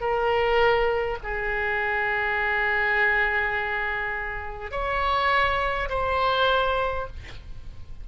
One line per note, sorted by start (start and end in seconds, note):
0.00 1.18 A#4
1.23 4.71 G#4
4.71 5.89 C#5
5.89 7.07 C5